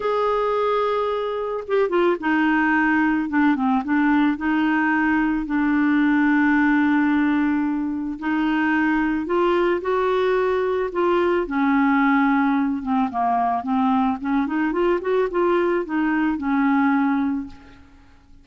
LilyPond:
\new Staff \with { instrumentName = "clarinet" } { \time 4/4 \tempo 4 = 110 gis'2. g'8 f'8 | dis'2 d'8 c'8 d'4 | dis'2 d'2~ | d'2. dis'4~ |
dis'4 f'4 fis'2 | f'4 cis'2~ cis'8 c'8 | ais4 c'4 cis'8 dis'8 f'8 fis'8 | f'4 dis'4 cis'2 | }